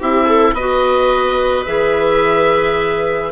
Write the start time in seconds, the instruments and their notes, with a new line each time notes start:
0.00 bassoon C4, clarinet E4, viola G4, oboe E5
0.26 viola A4
0.53 bassoon B3, clarinet F#4, viola B4, oboe D#5
1.66 bassoon E3, clarinet G#4, oboe E5